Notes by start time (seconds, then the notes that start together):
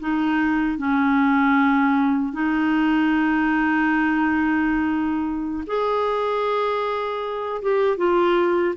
0.00 D#4
0.78 C#4
2.33 D#4
5.67 G#4
7.62 G4
7.97 F4